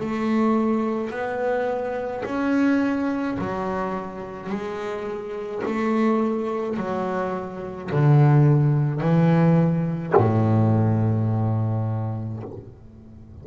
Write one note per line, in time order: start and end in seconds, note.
0.00 1.11 A3
1.11 2.24 B3
2.25 3.38 C#4
3.39 4.50 F#3
4.50 5.63 G#3
5.66 6.77 A3
6.77 7.90 F#3
7.92 9.01 D3
9.01 10.14 E3
10.17 12.43 A2